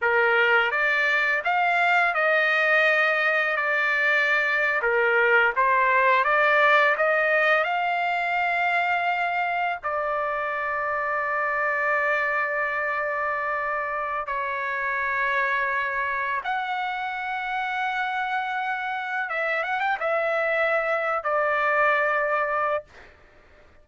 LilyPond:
\new Staff \with { instrumentName = "trumpet" } { \time 4/4 \tempo 4 = 84 ais'4 d''4 f''4 dis''4~ | dis''4 d''4.~ d''16 ais'4 c''16~ | c''8. d''4 dis''4 f''4~ f''16~ | f''4.~ f''16 d''2~ d''16~ |
d''1 | cis''2. fis''4~ | fis''2. e''8 fis''16 g''16 | e''4.~ e''16 d''2~ d''16 | }